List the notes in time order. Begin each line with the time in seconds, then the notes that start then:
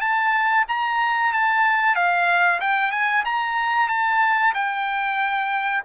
0.00 A5
0.68 A#5
1.33 A5
1.95 F5
2.60 G5
2.91 G#5
3.25 A#5
3.89 A5
4.54 G5